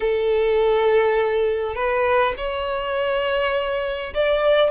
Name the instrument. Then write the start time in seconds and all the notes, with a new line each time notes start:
violin
0.00 A4
1.75 B4
2.37 C#5
4.14 D5